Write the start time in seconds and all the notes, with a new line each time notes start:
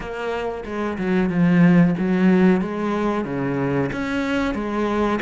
0.00 A#3
0.65 G#3
0.98 F#3
1.29 F3
1.98 F#3
2.61 G#3
3.25 C#3
3.92 C#4
4.54 G#3